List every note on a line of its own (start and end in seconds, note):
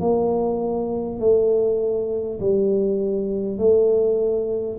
0.00 1.20 A#3
1.20 2.40 A3
2.40 3.58 G3
3.58 4.78 A3